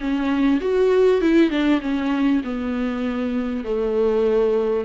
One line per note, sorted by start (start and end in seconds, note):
0.00 0.61 C#4
0.61 1.21 F#4
1.21 1.50 E4
1.50 1.80 D4
1.81 2.42 C#4
2.44 3.64 B3
3.64 4.85 A3